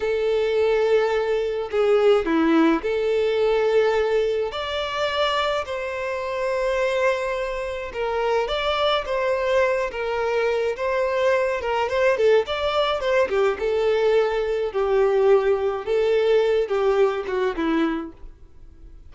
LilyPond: \new Staff \with { instrumentName = "violin" } { \time 4/4 \tempo 4 = 106 a'2. gis'4 | e'4 a'2. | d''2 c''2~ | c''2 ais'4 d''4 |
c''4. ais'4. c''4~ | c''8 ais'8 c''8 a'8 d''4 c''8 g'8 | a'2 g'2 | a'4. g'4 fis'8 e'4 | }